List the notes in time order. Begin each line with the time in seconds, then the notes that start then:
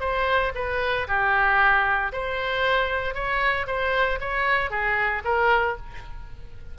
0.00 C5
0.55 B4
1.07 G4
2.12 C5
3.14 C#5
3.67 C5
4.20 C#5
4.70 G#4
5.24 A#4